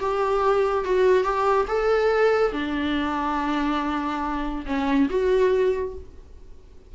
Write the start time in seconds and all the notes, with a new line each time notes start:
0.00 G4
0.85 F#4
1.24 G4
1.68 A4
2.53 D4
4.67 C#4
5.10 F#4